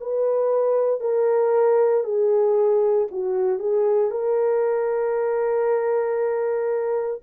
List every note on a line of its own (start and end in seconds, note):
0.00 1.00 B4
1.00 2.04 A#4
2.04 3.08 G#4
3.11 3.59 F#4
3.59 4.11 G#4
4.11 7.21 A#4